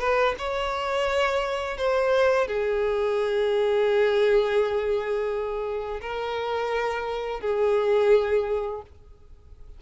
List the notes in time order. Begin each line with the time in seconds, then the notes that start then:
0.00 B4
0.39 C#5
1.78 C5
2.47 G#4
6.02 A#4
7.41 G#4